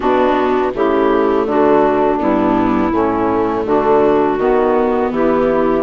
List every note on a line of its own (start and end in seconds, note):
0.00 0.74 B2
0.00 0.71 B3
0.00 0.72 D4
0.00 0.73 F#4
0.74 1.45 C#3
0.74 2.19 A3
0.74 1.46 E4
0.74 1.47 G4
1.45 2.18 D3
1.45 2.91 D4
1.45 2.19 F#4
2.19 2.91 G2
2.19 2.92 B3
2.19 3.65 E4
2.91 3.65 A2
2.91 4.39 A3
2.91 3.64 C#4
3.65 4.37 D3
3.65 4.38 D4
3.65 5.11 F#4
4.37 5.11 D#3
4.37 5.82 B3
4.37 5.11 F#4
5.11 5.82 E3
5.11 5.82 E4
5.11 5.82 G4